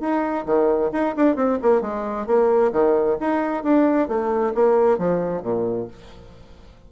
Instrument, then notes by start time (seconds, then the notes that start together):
bassoon
0.00 D#4
0.46 D#3
0.92 D#4
1.16 D4
1.36 C4
1.62 A#3
1.81 G#3
2.27 A#3
2.72 D#3
3.20 D#4
3.63 D4
4.08 A3
4.55 A#3
4.98 F3
5.42 A#2